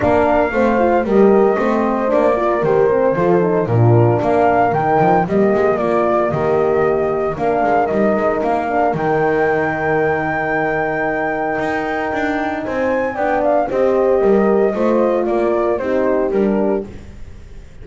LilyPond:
<<
  \new Staff \with { instrumentName = "flute" } { \time 4/4 \tempo 4 = 114 f''2 dis''2 | d''4 c''2 ais'4 | f''4 g''4 dis''4 d''4 | dis''2 f''4 dis''4 |
f''4 g''2.~ | g''1 | gis''4 g''8 f''8 dis''2~ | dis''4 d''4 c''4 ais'4 | }
  \new Staff \with { instrumentName = "horn" } { \time 4/4 ais'4 c''4 ais'4 c''4~ | c''8 ais'4. a'4 f'4 | ais'2 g'4 f'4 | g'2 ais'2~ |
ais'1~ | ais'1 | c''4 d''4 c''4 ais'4 | c''4 ais'4 g'2 | }
  \new Staff \with { instrumentName = "horn" } { \time 4/4 d'4 c'8 f'8 g'4 c'4 | d'8 f'8 g'8 c'8 f'8 dis'8 d'4~ | d'4 dis'4 ais2~ | ais2 d'4 dis'4~ |
dis'8 d'8 dis'2.~ | dis'1~ | dis'4 d'4 g'2 | f'2 dis'4 d'4 | }
  \new Staff \with { instrumentName = "double bass" } { \time 4/4 ais4 a4 g4 a4 | ais4 dis4 f4 ais,4 | ais4 dis8 f8 g8 gis8 ais4 | dis2 ais8 gis8 g8 gis8 |
ais4 dis2.~ | dis2 dis'4 d'4 | c'4 b4 c'4 g4 | a4 ais4 c'4 g4 | }
>>